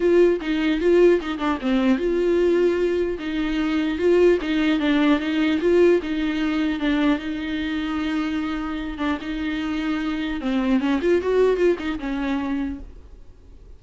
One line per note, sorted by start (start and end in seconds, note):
0.00 0.40 F4
0.40 0.80 D#4
0.80 1.20 F4
1.21 1.38 D#4
1.38 1.58 D4
1.61 1.98 C4
1.98 3.18 F4
3.19 3.98 D#4
3.98 4.38 F4
4.41 4.79 D#4
4.79 5.19 D4
5.19 5.59 D#4
5.60 6.00 F4
6.02 6.79 D#4
6.79 7.18 D4
7.18 8.97 D#4
8.97 9.17 D4
9.21 10.41 D#4
10.41 10.79 C4
10.79 10.99 C#4
11.01 11.21 F4
11.21 11.56 F#4
11.56 11.76 F4
11.79 11.99 D#4
11.99 12.79 C#4